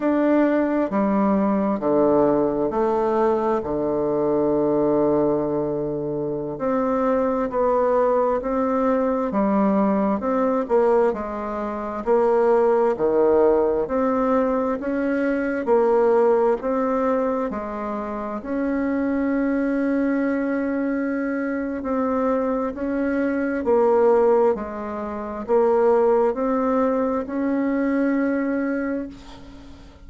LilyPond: \new Staff \with { instrumentName = "bassoon" } { \time 4/4 \tempo 4 = 66 d'4 g4 d4 a4 | d2.~ d16 c'8.~ | c'16 b4 c'4 g4 c'8 ais16~ | ais16 gis4 ais4 dis4 c'8.~ |
c'16 cis'4 ais4 c'4 gis8.~ | gis16 cis'2.~ cis'8. | c'4 cis'4 ais4 gis4 | ais4 c'4 cis'2 | }